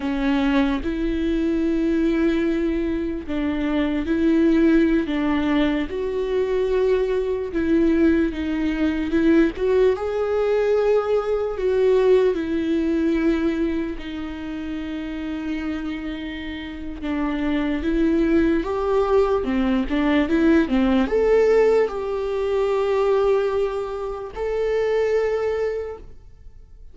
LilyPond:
\new Staff \with { instrumentName = "viola" } { \time 4/4 \tempo 4 = 74 cis'4 e'2. | d'4 e'4~ e'16 d'4 fis'8.~ | fis'4~ fis'16 e'4 dis'4 e'8 fis'16~ | fis'16 gis'2 fis'4 e'8.~ |
e'4~ e'16 dis'2~ dis'8.~ | dis'4 d'4 e'4 g'4 | c'8 d'8 e'8 c'8 a'4 g'4~ | g'2 a'2 | }